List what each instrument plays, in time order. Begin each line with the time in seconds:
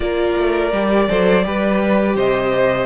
0.00 cello A#3, viola F4, violin A#4 D5
0.36 cello A3
0.72 cello G3, viola G4
1.09 cello F#3, viola A4, violin C5
1.44 cello G3, viola G4, violin B4
2.15 cello C3, violin C5 D#5